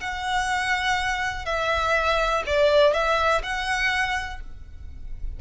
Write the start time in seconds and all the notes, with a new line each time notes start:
0.00 F#5
1.45 E5
2.46 D5
2.93 E5
3.43 F#5